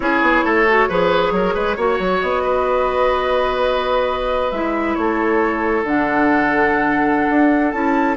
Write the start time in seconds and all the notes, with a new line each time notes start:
0.00 C#4 E4 G#4 C#5
0.21 B3
0.43 A3 A4
0.68 F#4
0.88 F3 G#4 B4
1.31 F#3 A#4
1.54 G#3 B4
1.76 A#3 F#4 C#5
1.99 F#3
2.20 B3 D#5
2.43 B4
4.51 G#3 E4 E5
4.95 A3 A4 C#5
5.83 D3 D4 F#5
7.29 D4
7.71 C#4 E4 A5